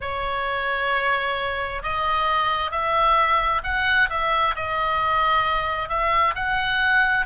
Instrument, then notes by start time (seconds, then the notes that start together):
oboe
0.00 C#5
1.82 D#5
2.71 E5
3.63 F#5
4.09 E5
4.55 D#5
5.88 E5
6.35 F#5